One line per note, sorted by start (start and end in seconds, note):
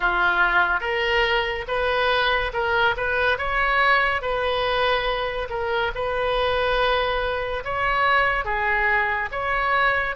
0.00 0.80 F4
0.80 1.65 A#4
1.67 2.52 B4
2.53 2.95 A#4
2.96 3.38 B4
3.38 4.21 C#5
4.21 5.48 B4
5.49 5.92 A#4
5.94 7.63 B4
7.64 8.44 C#5
8.44 9.29 G#4
9.31 10.15 C#5